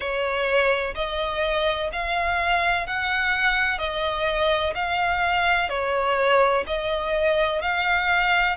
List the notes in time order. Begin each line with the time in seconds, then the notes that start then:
0.00 C#5
0.94 D#5
1.92 F5
2.86 F#5
3.78 D#5
4.74 F5
5.69 C#5
6.67 D#5
7.61 F5